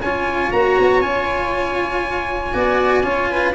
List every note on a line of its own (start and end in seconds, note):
0.00 0.50 C#4
0.00 0.54 F4
0.00 2.53 C#5
0.00 0.51 G#5
0.52 0.77 A#3
0.52 1.02 F#4
0.52 1.01 A#5
0.78 1.01 B3
1.01 2.52 C#4
1.01 2.53 F4
1.01 3.53 G#5
2.53 3.03 B3
2.53 3.03 F#4
2.53 3.03 D5
3.03 3.54 C#4
3.03 3.54 F4
3.03 3.29 C#5
3.30 3.54 B4